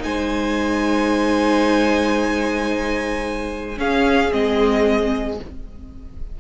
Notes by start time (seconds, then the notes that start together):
0.00 G#3 D#4 C5 G#5
3.78 C#4 G#4 F5
4.31 G#3 C4 D#5